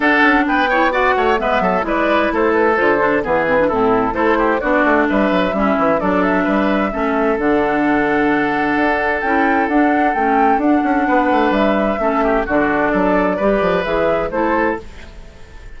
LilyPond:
<<
  \new Staff \with { instrumentName = "flute" } { \time 4/4 \tempo 4 = 130 fis''4 g''4 fis''4 e''4 | d''4 c''8 b'8 c''4 b'4 | a'4 c''4 d''4 e''4~ | e''4 d''8 e''2~ e''8 |
fis''1 | g''4 fis''4 g''4 fis''4~ | fis''4 e''2 d''4~ | d''2 e''4 c''4 | }
  \new Staff \with { instrumentName = "oboe" } { \time 4/4 a'4 b'8 cis''8 d''8 cis''8 b'8 a'8 | b'4 a'2 gis'4 | e'4 a'8 g'8 fis'4 b'4 | e'4 a'4 b'4 a'4~ |
a'1~ | a'1 | b'2 a'8 g'8 fis'4 | a'4 b'2 a'4 | }
  \new Staff \with { instrumentName = "clarinet" } { \time 4/4 d'4. e'8 fis'4 b4 | e'2 f'8 d'8 b8 c'16 d'16 | c'4 e'4 d'2 | cis'4 d'2 cis'4 |
d'1 | e'4 d'4 cis'4 d'4~ | d'2 cis'4 d'4~ | d'4 g'4 gis'4 e'4 | }
  \new Staff \with { instrumentName = "bassoon" } { \time 4/4 d'8 cis'8 b4. a8 gis8 fis8 | gis4 a4 d4 e4 | a,4 a4 b8 a8 g8 fis8 | g8 e8 fis4 g4 a4 |
d2. d'4 | cis'4 d'4 a4 d'8 cis'8 | b8 a8 g4 a4 d4 | fis4 g8 f8 e4 a4 | }
>>